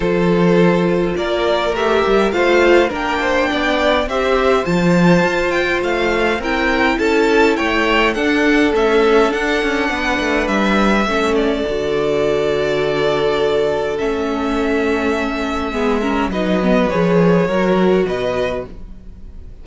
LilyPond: <<
  \new Staff \with { instrumentName = "violin" } { \time 4/4 \tempo 4 = 103 c''2 d''4 e''4 | f''4 g''2 e''4 | a''4. g''8 f''4 g''4 | a''4 g''4 fis''4 e''4 |
fis''2 e''4. d''8~ | d''1 | e''1 | dis''4 cis''2 dis''4 | }
  \new Staff \with { instrumentName = "violin" } { \time 4/4 a'2 ais'2 | c''4 ais'8 c''8 d''4 c''4~ | c''2. ais'4 | a'4 cis''4 a'2~ |
a'4 b'2 a'4~ | a'1~ | a'2. gis'8 ais'8 | b'2 ais'4 b'4 | }
  \new Staff \with { instrumentName = "viola" } { \time 4/4 f'2. g'4 | f'4 d'2 g'4 | f'2. e'4~ | e'2 d'4 a4 |
d'2. cis'4 | fis'1 | cis'2. b8 cis'8 | dis'8 b8 gis'4 fis'2 | }
  \new Staff \with { instrumentName = "cello" } { \time 4/4 f2 ais4 a8 g8 | a4 ais4 b4 c'4 | f4 f'4 a4 c'4 | cis'4 a4 d'4 cis'4 |
d'8 cis'8 b8 a8 g4 a4 | d1 | a2. gis4 | fis4 f4 fis4 b,4 | }
>>